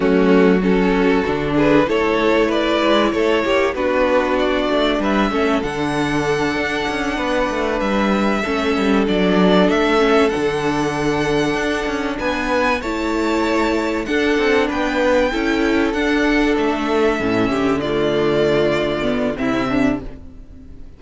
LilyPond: <<
  \new Staff \with { instrumentName = "violin" } { \time 4/4 \tempo 4 = 96 fis'4 a'4. b'8 cis''4 | d''4 cis''4 b'4 d''4 | e''4 fis''2.~ | fis''8 e''2 d''4 e''8~ |
e''8 fis''2. gis''8~ | gis''8 a''2 fis''4 g''8~ | g''4. fis''4 e''4.~ | e''8 d''2~ d''8 e''4 | }
  \new Staff \with { instrumentName = "violin" } { \time 4/4 cis'4 fis'4. gis'8 a'4 | b'4 a'8 g'8 fis'2 | b'8 a'2. b'8~ | b'4. a'2~ a'8~ |
a'2.~ a'8 b'8~ | b'8 cis''2 a'4 b'8~ | b'8 a'2.~ a'8 | g'8 f'2~ f'8 e'8 d'8 | }
  \new Staff \with { instrumentName = "viola" } { \time 4/4 a4 cis'4 d'4 e'4~ | e'2 d'2~ | d'8 cis'8 d'2.~ | d'4. cis'4 d'4. |
cis'8 d'2.~ d'8~ | d'8 e'2 d'4.~ | d'8 e'4 d'2 cis'8~ | cis'8 a2 b8 c'4 | }
  \new Staff \with { instrumentName = "cello" } { \time 4/4 fis2 d4 a4~ | a8 gis8 a8 ais8 b4. a8 | g8 a8 d4. d'8 cis'8 b8 | a8 g4 a8 g8 fis4 a8~ |
a8 d2 d'8 cis'8 b8~ | b8 a2 d'8 c'8 b8~ | b8 cis'4 d'4 a4 a,8 | d2. c4 | }
>>